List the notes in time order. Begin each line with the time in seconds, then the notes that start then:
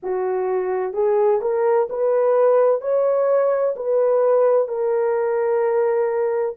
0.03 F#4
0.93 G#4
1.41 A#4
1.89 B4
2.81 C#5
3.76 B4
4.67 A#4